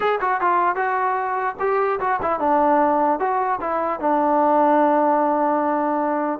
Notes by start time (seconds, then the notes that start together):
0.00 G#4
0.20 F#4
0.40 F4
0.75 F#4
1.59 G4
1.99 F#4
2.22 E4
2.39 D4
3.19 F#4
3.61 E4
3.99 D4